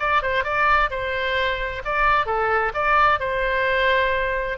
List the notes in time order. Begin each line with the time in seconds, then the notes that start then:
0.00 D5
0.23 C5
0.44 D5
0.91 C5
1.85 D5
2.27 A4
2.75 D5
3.20 C5